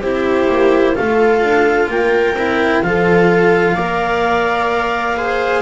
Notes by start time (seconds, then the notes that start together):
0.00 C4 E4 G4 C5
0.48 A#3
0.95 A3 F4 A4 F5
1.42 D4
1.87 A#3 A#4 G5
2.34 C4 E4
2.82 F3 F4 A4 F5
3.75 A#3 A#4 D5
5.17 G#4 C5